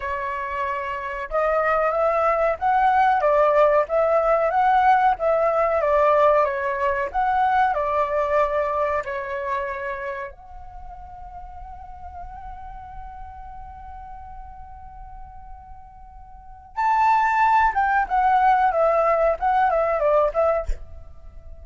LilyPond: \new Staff \with { instrumentName = "flute" } { \time 4/4 \tempo 4 = 93 cis''2 dis''4 e''4 | fis''4 d''4 e''4 fis''4 | e''4 d''4 cis''4 fis''4 | d''2 cis''2 |
fis''1~ | fis''1~ | fis''2 a''4. g''8 | fis''4 e''4 fis''8 e''8 d''8 e''8 | }